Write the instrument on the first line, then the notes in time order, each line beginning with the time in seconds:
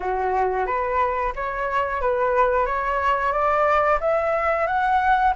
flute
0.00 F#4
0.66 B4
1.35 C#5
2.01 B4
2.66 C#5
3.32 D5
4.00 E5
4.67 F#5